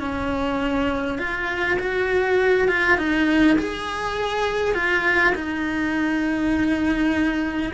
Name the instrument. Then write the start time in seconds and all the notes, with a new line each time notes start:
cello
0.00 C#4
1.19 F4
1.79 F#4
2.68 F4
2.98 D#4
3.59 G#4
4.74 F4
5.35 D#4